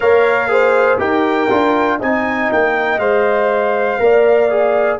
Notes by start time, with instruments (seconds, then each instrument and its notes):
0.00 tuba A#3, trombone A#4, horn C#5, trumpet F5
0.48 trombone G#4, horn C5
0.98 tuba D#4, trombone G4, horn A#4, trumpet G5
1.50 tuba D4, trombone F4
1.99 tuba C4, trombone D#4, horn D#5, trumpet G#5
2.51 tuba A#3, trumpet G5
2.98 tuba G#3, trombone C5, trumpet F5
3.99 tuba A#3, trombone A#4, horn D5
4.49 trombone G#4